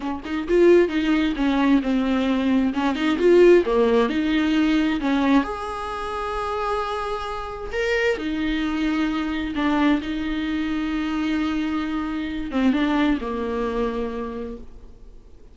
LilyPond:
\new Staff \with { instrumentName = "viola" } { \time 4/4 \tempo 4 = 132 cis'8 dis'8 f'4 dis'4 cis'4 | c'2 cis'8 dis'8 f'4 | ais4 dis'2 cis'4 | gis'1~ |
gis'4 ais'4 dis'2~ | dis'4 d'4 dis'2~ | dis'2.~ dis'8 c'8 | d'4 ais2. | }